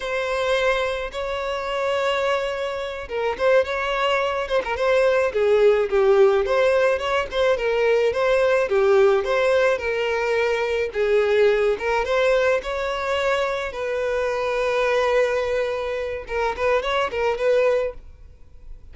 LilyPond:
\new Staff \with { instrumentName = "violin" } { \time 4/4 \tempo 4 = 107 c''2 cis''2~ | cis''4. ais'8 c''8 cis''4. | c''16 ais'16 c''4 gis'4 g'4 c''8~ | c''8 cis''8 c''8 ais'4 c''4 g'8~ |
g'8 c''4 ais'2 gis'8~ | gis'4 ais'8 c''4 cis''4.~ | cis''8 b'2.~ b'8~ | b'4 ais'8 b'8 cis''8 ais'8 b'4 | }